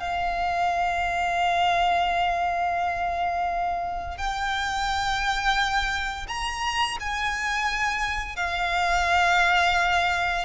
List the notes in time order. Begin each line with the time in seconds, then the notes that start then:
0.00 F5
4.18 G5
6.28 A#5
7.00 G#5
8.37 F5